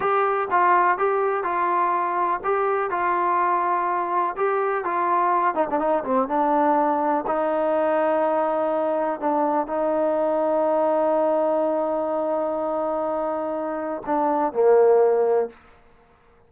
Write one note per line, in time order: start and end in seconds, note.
0.00 0.48 G4
0.50 0.98 F4
0.98 1.43 G4
1.43 2.40 F4
2.43 2.90 G4
2.90 4.35 F4
4.36 4.84 G4
4.84 5.54 F4
5.54 5.67 D#4
5.70 5.79 D4
5.79 6.03 D#4
6.04 6.28 C4
6.28 7.24 D4
7.26 9.20 D#4
9.20 9.67 D4
9.67 14.02 D#4
14.05 14.52 D4
14.52 15.49 A#3